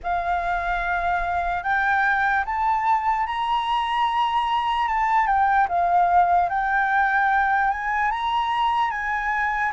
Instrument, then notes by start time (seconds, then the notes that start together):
flute
0.03 F5
1.63 G5
2.45 A5
3.26 A#5
4.88 A5
5.26 G5
5.68 F5
6.49 G5
7.70 G#5
8.11 A#5
8.90 G#5